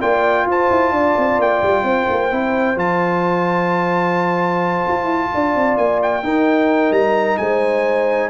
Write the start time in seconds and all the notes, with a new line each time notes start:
0.00 A#3 F4 D5 G5
0.46 F4 C5 A5
0.71 E4
0.91 D4 D5
1.18 C4
1.39 A#3 G5
1.63 G3
1.83 C4 C5
2.10 A#3
2.31 C4 E4
2.76 F3 F4 A5
4.88 F4
5.04 E4
5.35 D4 D5
5.55 C4
5.78 A#3 G#5
6.03 G5
6.23 D#4 A#4
6.91 G3 A#5
7.38 G#3 C5 G#5